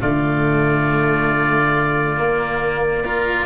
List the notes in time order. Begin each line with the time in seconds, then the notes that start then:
0.00 D3 A3 F4 D5
2.16 A#3
3.04 F4 A#4